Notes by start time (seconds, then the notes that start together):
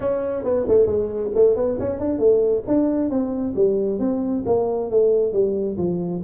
0.00 C#4
0.43 B3
0.67 A3
0.86 G#3
1.34 A3
1.56 B3
1.79 C#4
1.99 D4
2.19 A3
2.67 D4
3.09 C4
3.55 G3
3.99 C4
4.46 A#3
4.90 A3
5.32 G3
5.77 F3